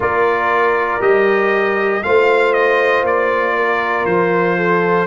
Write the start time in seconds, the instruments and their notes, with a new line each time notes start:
0.00 tuba A#3, trombone F4, horn A#4, trumpet D5
1.00 tuba G3, trombone G4, trumpet D#5
2.03 tuba A3, trombone F4, horn C5, trumpet F5
2.53 trumpet D#5
3.02 tuba A#3, trumpet D5
3.56 horn A#4
4.05 tuba F3, trumpet C5
4.57 horn A4